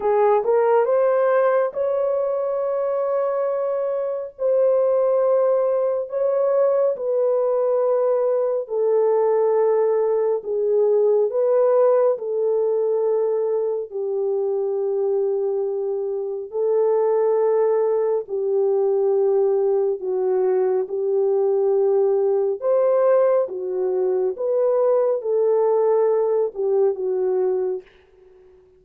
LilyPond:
\new Staff \with { instrumentName = "horn" } { \time 4/4 \tempo 4 = 69 gis'8 ais'8 c''4 cis''2~ | cis''4 c''2 cis''4 | b'2 a'2 | gis'4 b'4 a'2 |
g'2. a'4~ | a'4 g'2 fis'4 | g'2 c''4 fis'4 | b'4 a'4. g'8 fis'4 | }